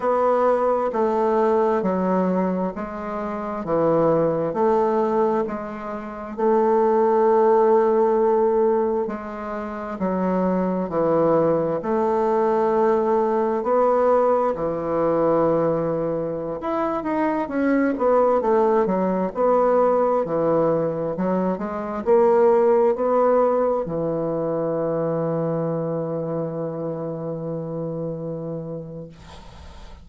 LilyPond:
\new Staff \with { instrumentName = "bassoon" } { \time 4/4 \tempo 4 = 66 b4 a4 fis4 gis4 | e4 a4 gis4 a4~ | a2 gis4 fis4 | e4 a2 b4 |
e2~ e16 e'8 dis'8 cis'8 b16~ | b16 a8 fis8 b4 e4 fis8 gis16~ | gis16 ais4 b4 e4.~ e16~ | e1 | }